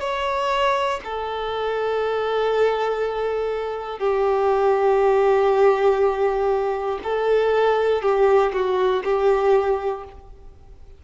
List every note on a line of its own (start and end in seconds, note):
0.00 1.00 C#5
1.04 3.99 A4
3.99 6.99 G4
7.03 8.02 A4
8.02 8.52 G4
8.53 9.03 F#4
9.04 10.04 G4